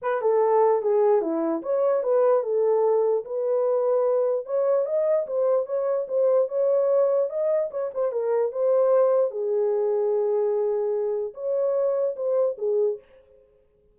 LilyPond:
\new Staff \with { instrumentName = "horn" } { \time 4/4 \tempo 4 = 148 b'8 a'4. gis'4 e'4 | cis''4 b'4 a'2 | b'2. cis''4 | dis''4 c''4 cis''4 c''4 |
cis''2 dis''4 cis''8 c''8 | ais'4 c''2 gis'4~ | gis'1 | cis''2 c''4 gis'4 | }